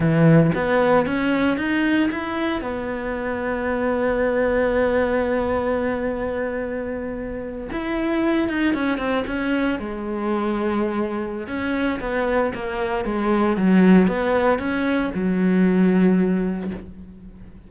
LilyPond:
\new Staff \with { instrumentName = "cello" } { \time 4/4 \tempo 4 = 115 e4 b4 cis'4 dis'4 | e'4 b2.~ | b1~ | b2~ b8. e'4~ e'16~ |
e'16 dis'8 cis'8 c'8 cis'4 gis4~ gis16~ | gis2 cis'4 b4 | ais4 gis4 fis4 b4 | cis'4 fis2. | }